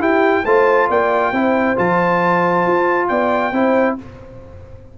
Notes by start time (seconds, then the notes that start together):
0.00 E4 G4 G5
0.45 A3 F4 C5 A5
0.89 A#3 D5 G5
1.32 C4 E4 C5
1.76 F3 F4 A5
2.67 F4
3.08 B3 D5 G5
3.52 C4 E4 C5